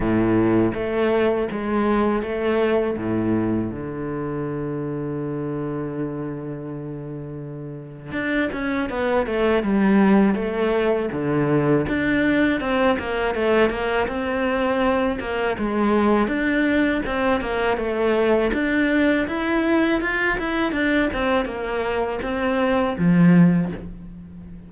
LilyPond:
\new Staff \with { instrumentName = "cello" } { \time 4/4 \tempo 4 = 81 a,4 a4 gis4 a4 | a,4 d2.~ | d2. d'8 cis'8 | b8 a8 g4 a4 d4 |
d'4 c'8 ais8 a8 ais8 c'4~ | c'8 ais8 gis4 d'4 c'8 ais8 | a4 d'4 e'4 f'8 e'8 | d'8 c'8 ais4 c'4 f4 | }